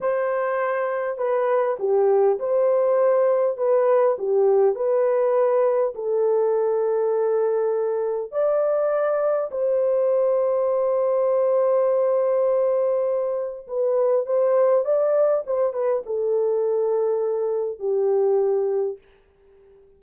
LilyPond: \new Staff \with { instrumentName = "horn" } { \time 4/4 \tempo 4 = 101 c''2 b'4 g'4 | c''2 b'4 g'4 | b'2 a'2~ | a'2 d''2 |
c''1~ | c''2. b'4 | c''4 d''4 c''8 b'8 a'4~ | a'2 g'2 | }